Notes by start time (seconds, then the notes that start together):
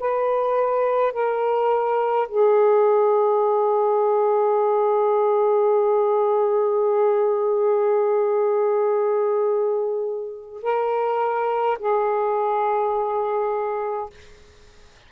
0.00 B4
1.13 A#4
2.29 G#4
10.63 A#4
11.79 G#4